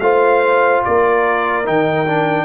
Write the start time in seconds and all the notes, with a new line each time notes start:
0.00 A3 F4 C5 F5
0.84 A#3 A#4 D5
1.65 D#3 D#4 G5
2.07 D4